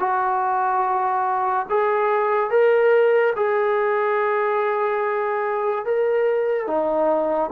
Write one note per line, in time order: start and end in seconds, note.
0.00 1.67 F#4
1.70 2.51 G#4
2.51 3.34 A#4
3.36 5.85 G#4
5.85 6.67 A#4
6.67 7.51 D#4